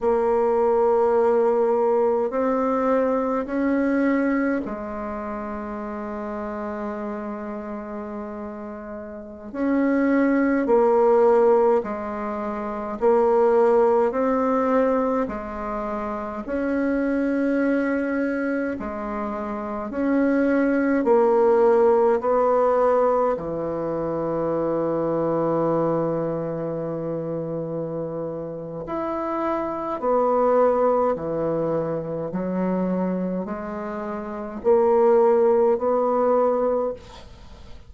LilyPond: \new Staff \with { instrumentName = "bassoon" } { \time 4/4 \tempo 4 = 52 ais2 c'4 cis'4 | gis1~ | gis16 cis'4 ais4 gis4 ais8.~ | ais16 c'4 gis4 cis'4.~ cis'16~ |
cis'16 gis4 cis'4 ais4 b8.~ | b16 e2.~ e8.~ | e4 e'4 b4 e4 | fis4 gis4 ais4 b4 | }